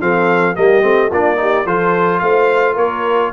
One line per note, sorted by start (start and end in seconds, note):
0.00 0.56 F3
0.00 0.55 C4
0.00 0.54 A4
0.00 0.55 F5
0.54 0.83 G3
0.54 0.81 A#3
0.54 1.09 G4
0.54 1.11 D#5
0.81 1.10 A3
0.81 1.09 C4
1.09 1.65 A#3
1.09 1.36 D4
1.09 1.37 F4
1.09 1.66 D5
1.36 1.64 D#4
1.36 1.66 G4
1.65 2.21 F3
1.65 3.33 F4
1.65 2.21 A4
1.65 2.19 C5
2.19 2.76 A3
2.19 2.74 C5
2.19 2.75 F5
2.74 3.32 A#3
2.74 3.29 A#4
2.74 3.33 C#5